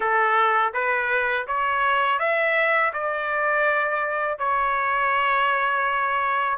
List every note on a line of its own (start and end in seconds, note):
0.00 0.73 A4
0.73 1.46 B4
1.47 2.19 C#5
2.19 2.92 E5
2.93 4.38 D5
4.38 6.58 C#5